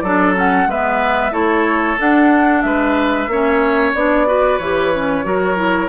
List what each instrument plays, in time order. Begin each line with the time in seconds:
0.00 bassoon F#3, clarinet D4, oboe A4, flute D5
0.35 clarinet C#4, flute F#5
0.66 bassoon G#3, clarinet B3, oboe B4, flute E5
1.31 bassoon A3, clarinet E4, oboe A4, flute C#5
1.98 clarinet D4, bassoon D4, flute F#5
2.61 bassoon G#3, oboe B4, flute E5
3.27 bassoon A#3, clarinet C#4, oboe C#5
3.94 bassoon B3, clarinet D4, flute D5
4.26 clarinet F#4, oboe B4
4.57 bassoon E3, clarinet G4, flute C#5
4.94 clarinet C#4
5.24 bassoon F#3, clarinet F#4, oboe A#4
5.56 clarinet E4